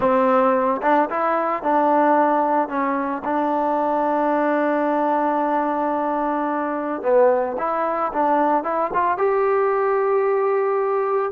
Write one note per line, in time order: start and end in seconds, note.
0.00 0.81 C4
0.82 1.09 D4
1.10 1.62 E4
1.62 2.68 D4
2.68 3.22 C#4
3.24 7.02 D4
7.02 7.56 B3
7.58 8.12 E4
8.12 8.63 D4
8.63 8.90 E4
8.93 9.17 F4
9.17 11.31 G4